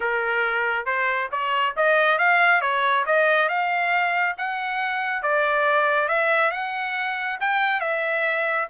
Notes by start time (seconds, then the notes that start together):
0.00 A#4
0.85 C5
1.31 C#5
1.76 D#5
2.18 F5
2.61 C#5
3.06 D#5
3.48 F5
4.37 F#5
5.22 D5
6.08 E5
6.51 F#5
7.40 G5
7.80 E5